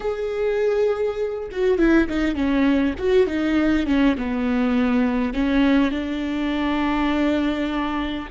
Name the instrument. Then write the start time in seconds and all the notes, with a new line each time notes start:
viola
0.00 G#4
1.51 F#4
1.78 E4
2.08 D#4
2.35 C#4
2.98 F#4
3.26 D#4
3.86 C#4
4.17 B3
5.33 C#4
5.91 D4